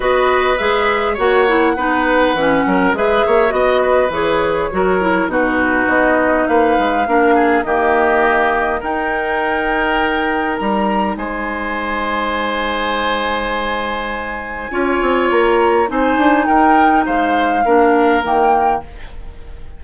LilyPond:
<<
  \new Staff \with { instrumentName = "flute" } { \time 4/4 \tempo 4 = 102 dis''4 e''4 fis''2~ | fis''4 e''4 dis''4 cis''4~ | cis''4 b'4 dis''4 f''4~ | f''4 dis''2 g''4~ |
g''2 ais''4 gis''4~ | gis''1~ | gis''2 ais''4 gis''4 | g''4 f''2 g''4 | }
  \new Staff \with { instrumentName = "oboe" } { \time 4/4 b'2 cis''4 b'4~ | b'8 ais'8 b'8 cis''8 dis''8 b'4. | ais'4 fis'2 b'4 | ais'8 gis'8 g'2 ais'4~ |
ais'2. c''4~ | c''1~ | c''4 cis''2 c''4 | ais'4 c''4 ais'2 | }
  \new Staff \with { instrumentName = "clarinet" } { \time 4/4 fis'4 gis'4 fis'8 e'8 dis'4 | cis'4 gis'4 fis'4 gis'4 | fis'8 e'8 dis'2. | d'4 ais2 dis'4~ |
dis'1~ | dis'1~ | dis'4 f'2 dis'4~ | dis'2 d'4 ais4 | }
  \new Staff \with { instrumentName = "bassoon" } { \time 4/4 b4 gis4 ais4 b4 | e8 fis8 gis8 ais8 b4 e4 | fis4 b,4 b4 ais8 gis8 | ais4 dis2 dis'4~ |
dis'2 g4 gis4~ | gis1~ | gis4 cis'8 c'8 ais4 c'8 d'8 | dis'4 gis4 ais4 dis4 | }
>>